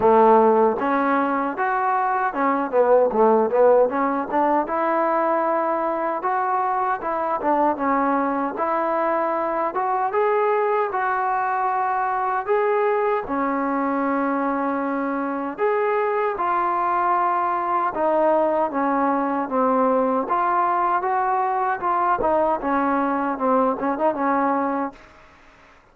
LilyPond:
\new Staff \with { instrumentName = "trombone" } { \time 4/4 \tempo 4 = 77 a4 cis'4 fis'4 cis'8 b8 | a8 b8 cis'8 d'8 e'2 | fis'4 e'8 d'8 cis'4 e'4~ | e'8 fis'8 gis'4 fis'2 |
gis'4 cis'2. | gis'4 f'2 dis'4 | cis'4 c'4 f'4 fis'4 | f'8 dis'8 cis'4 c'8 cis'16 dis'16 cis'4 | }